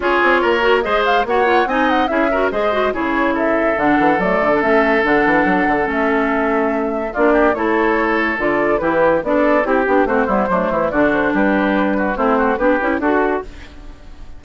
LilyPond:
<<
  \new Staff \with { instrumentName = "flute" } { \time 4/4 \tempo 4 = 143 cis''2 dis''8 f''8 fis''4 | gis''8 fis''8 e''4 dis''4 cis''4 | e''4 fis''4 d''4 e''4 | fis''2 e''2~ |
e''4 d''4 cis''2 | d''4 b'4 d''4 g'4 | c''2 d''8 c''8 b'4~ | b'4 c''4 b'4 a'4 | }
  \new Staff \with { instrumentName = "oboe" } { \time 4/4 gis'4 ais'4 c''4 cis''4 | dis''4 gis'8 ais'8 c''4 gis'4 | a'1~ | a'1~ |
a'4 f'8 g'8 a'2~ | a'4 g'4 a'4 g'4 | fis'8 e'8 d'8 e'8 fis'4 g'4~ | g'8 fis'8 e'8 fis'8 g'4 fis'4 | }
  \new Staff \with { instrumentName = "clarinet" } { \time 4/4 f'4. fis'8 gis'4 fis'8 f'8 | dis'4 e'8 fis'8 gis'8 fis'8 e'4~ | e'4 d'4 a8. d'16 cis'4 | d'2 cis'2~ |
cis'4 d'4 e'2 | f'4 e'4 d'4 e'8 d'8 | c'8 b8 a4 d'2~ | d'4 c'4 d'8 e'8 fis'4 | }
  \new Staff \with { instrumentName = "bassoon" } { \time 4/4 cis'8 c'8 ais4 gis4 ais4 | c'4 cis'4 gis4 cis4~ | cis4 d8 e8 fis8 d8 a4 | d8 e8 fis8 d8 a2~ |
a4 ais4 a2 | d4 e4 b4 c'8 b8 | a8 g8 fis8 e8 d4 g4~ | g4 a4 b8 cis'8 d'4 | }
>>